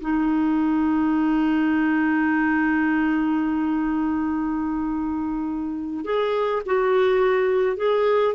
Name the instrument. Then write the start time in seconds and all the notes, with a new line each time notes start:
clarinet
0.00 D#4
6.04 G#4
6.65 F#4
7.76 G#4